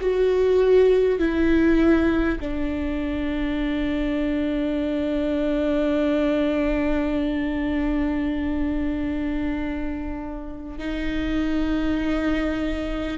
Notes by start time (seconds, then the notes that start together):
0.00 F#4
1.19 E4
2.41 D4
10.79 D#4